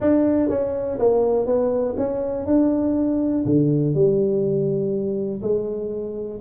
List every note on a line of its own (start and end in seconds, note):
0.00 0.49 D4
0.49 0.98 C#4
0.99 1.46 A#3
1.46 1.95 B3
1.97 2.46 C#4
2.46 3.44 D4
3.45 3.94 D3
3.94 5.41 G3
5.42 6.40 G#3